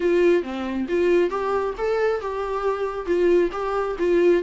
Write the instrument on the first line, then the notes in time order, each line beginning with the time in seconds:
viola
0.00 F4
0.42 C4
0.88 F4
1.30 G4
1.77 A4
2.20 G4
3.06 F4
3.52 G4
3.98 F4